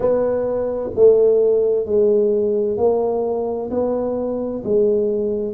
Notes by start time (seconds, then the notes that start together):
0.00 B3
0.95 A3
1.85 G#3
2.77 A#3
3.70 B3
4.64 G#3